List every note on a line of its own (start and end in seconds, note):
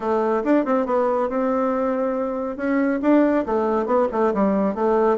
0.00 0.43 A3
0.44 0.65 D4
0.65 0.86 C4
0.86 1.29 B3
1.29 2.56 C4
2.56 3.00 C#4
3.02 3.45 D4
3.46 3.86 A3
3.86 4.07 B3
4.12 4.33 A3
4.33 4.74 G3
4.74 5.17 A3